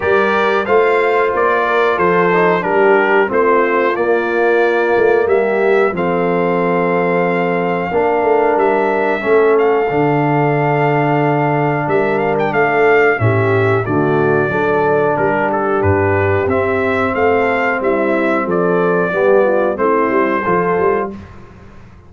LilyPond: <<
  \new Staff \with { instrumentName = "trumpet" } { \time 4/4 \tempo 4 = 91 d''4 f''4 d''4 c''4 | ais'4 c''4 d''2 | e''4 f''2.~ | f''4 e''4. f''4.~ |
f''2 e''8 f''16 g''16 f''4 | e''4 d''2 ais'8 a'8 | b'4 e''4 f''4 e''4 | d''2 c''2 | }
  \new Staff \with { instrumentName = "horn" } { \time 4/4 ais'4 c''4. ais'8 a'4 | g'4 f'2. | g'4 a'2. | ais'2 a'2~ |
a'2 ais'4 a'4 | g'4 fis'4 a'4 g'4~ | g'2 a'4 e'4 | a'4 g'8 f'8 e'4 a'4 | }
  \new Staff \with { instrumentName = "trombone" } { \time 4/4 g'4 f'2~ f'8 dis'8 | d'4 c'4 ais2~ | ais4 c'2. | d'2 cis'4 d'4~ |
d'1 | cis'4 a4 d'2~ | d'4 c'2.~ | c'4 b4 c'4 f'4 | }
  \new Staff \with { instrumentName = "tuba" } { \time 4/4 g4 a4 ais4 f4 | g4 a4 ais4. a8 | g4 f2. | ais8 a8 g4 a4 d4~ |
d2 g4 a4 | a,4 d4 fis4 g4 | g,4 c'4 a4 g4 | f4 g4 a8 g8 f8 g8 | }
>>